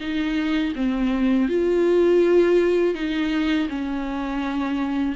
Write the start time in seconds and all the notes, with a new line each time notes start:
0.00 D#4
0.75 C4
1.49 F4
2.95 D#4
3.69 C#4